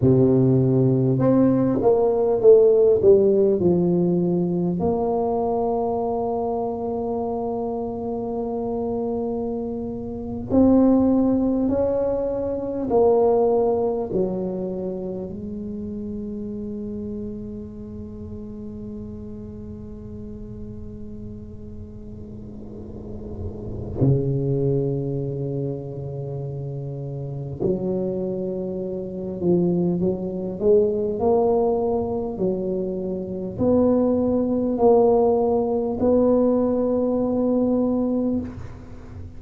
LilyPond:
\new Staff \with { instrumentName = "tuba" } { \time 4/4 \tempo 4 = 50 c4 c'8 ais8 a8 g8 f4 | ais1~ | ais8. c'4 cis'4 ais4 fis16~ | fis8. gis2.~ gis16~ |
gis1 | cis2. fis4~ | fis8 f8 fis8 gis8 ais4 fis4 | b4 ais4 b2 | }